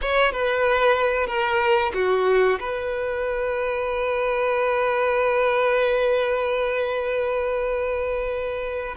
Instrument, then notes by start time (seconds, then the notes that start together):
violin
0.01 C#5
0.32 B4
1.26 A#4
1.94 F#4
2.59 B4